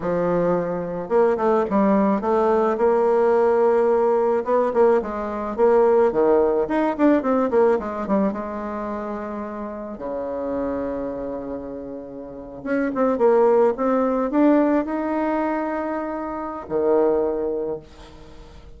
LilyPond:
\new Staff \with { instrumentName = "bassoon" } { \time 4/4 \tempo 4 = 108 f2 ais8 a8 g4 | a4 ais2. | b8 ais8 gis4 ais4 dis4 | dis'8 d'8 c'8 ais8 gis8 g8 gis4~ |
gis2 cis2~ | cis2~ cis8. cis'8 c'8 ais16~ | ais8. c'4 d'4 dis'4~ dis'16~ | dis'2 dis2 | }